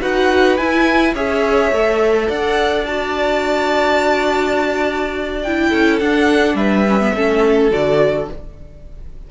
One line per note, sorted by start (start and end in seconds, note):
0.00 0.59 D#4
0.00 0.57 F#4
0.00 1.13 B4
0.00 0.57 F#5
0.57 1.14 E4
0.57 1.15 E4
0.57 1.14 G#5
1.13 1.71 C#4
1.13 1.72 G#4
1.13 2.27 C#5
1.13 2.29 E5
1.71 2.28 A3
1.71 2.87 A4
2.27 5.72 D4
2.27 5.69 D5
2.27 2.86 F#5
2.86 5.45 F#4
2.86 5.42 A5
5.42 6.01 E4
5.42 5.99 G5
5.69 6.01 C#4
5.69 6.55 A4
5.99 6.86 D4
5.99 6.54 D4
5.99 6.56 F#5
6.54 7.11 G3
6.54 7.14 B4
6.54 7.70 E5
6.88 7.00 C#4
7.00 7.15 B3
7.15 7.71 A3
7.15 7.70 C#4
7.15 8.30 A4
7.70 8.28 D3
7.70 8.27 F#4
7.70 8.29 D5